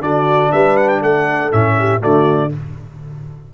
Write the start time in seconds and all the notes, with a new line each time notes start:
0.00 D3 D4 F#4 D5
0.51 G3 B4 E5
0.76 F#5
0.89 G5
1.01 A3 A4 F#5
1.51 A2 C#4 E5
1.78 G4
1.99 D3 A3 F#4 D5